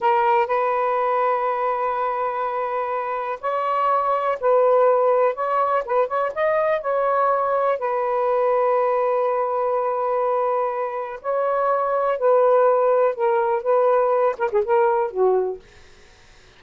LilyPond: \new Staff \with { instrumentName = "saxophone" } { \time 4/4 \tempo 4 = 123 ais'4 b'2.~ | b'2. cis''4~ | cis''4 b'2 cis''4 | b'8 cis''8 dis''4 cis''2 |
b'1~ | b'2. cis''4~ | cis''4 b'2 ais'4 | b'4. ais'16 gis'16 ais'4 fis'4 | }